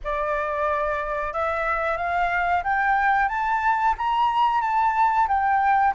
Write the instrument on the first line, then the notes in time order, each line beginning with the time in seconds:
flute
0.04 D5
1.33 E5
1.97 F5
2.63 G5
3.28 A5
3.97 A#5
4.61 A5
5.28 G5